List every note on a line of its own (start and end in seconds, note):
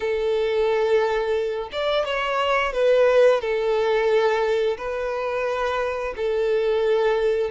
0.00 1.69 A4
1.72 2.05 D5
2.05 2.73 C#5
2.73 3.41 B4
3.41 4.77 A4
4.77 6.14 B4
6.16 7.50 A4